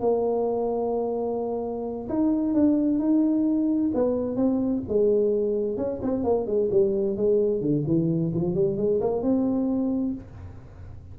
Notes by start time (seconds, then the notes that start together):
0.00 A#3
2.09 D#4
2.54 D4
2.99 D#4
3.94 B3
4.36 C4
4.88 G#3
5.77 C#4
6.02 C4
6.23 A#3
6.46 G#3
6.71 G3
7.16 G#3
7.61 D3
7.86 E3
8.34 F3
8.54 G3
8.77 G#3
9.00 A#3
9.22 C4